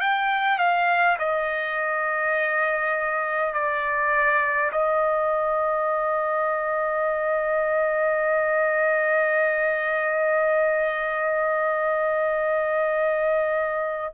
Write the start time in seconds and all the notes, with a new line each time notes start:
0.00 G5
0.58 F5
1.18 D#5
3.53 D5
4.72 D#5